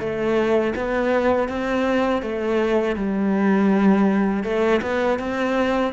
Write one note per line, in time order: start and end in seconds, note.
0.00 0.74 A3
0.75 1.48 B3
1.48 2.22 C4
2.22 2.96 A3
2.96 4.43 G3
4.43 4.80 A3
4.82 5.19 B3
5.19 5.93 C4